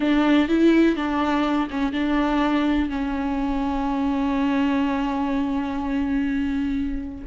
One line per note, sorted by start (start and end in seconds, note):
0.00 0.48 D4
0.48 0.95 E4
0.95 1.68 D4
1.70 1.92 C#4
1.92 2.89 D4
2.89 7.24 C#4